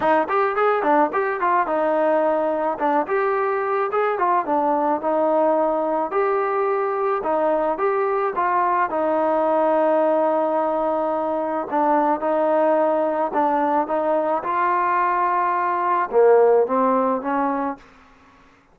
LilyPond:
\new Staff \with { instrumentName = "trombone" } { \time 4/4 \tempo 4 = 108 dis'8 g'8 gis'8 d'8 g'8 f'8 dis'4~ | dis'4 d'8 g'4. gis'8 f'8 | d'4 dis'2 g'4~ | g'4 dis'4 g'4 f'4 |
dis'1~ | dis'4 d'4 dis'2 | d'4 dis'4 f'2~ | f'4 ais4 c'4 cis'4 | }